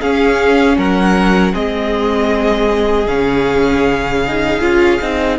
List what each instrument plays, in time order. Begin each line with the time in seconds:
0.00 viola C#4, cello C#4, violin G#4 F5
0.77 cello F#3, violin A#4 F#5
1.53 cello G#3, viola C4, violin G#4 D#5
3.07 cello C#3, viola C#4, violin F5
4.27 viola D#4
4.61 cello C#4, viola F4
5.02 cello C4, viola D#4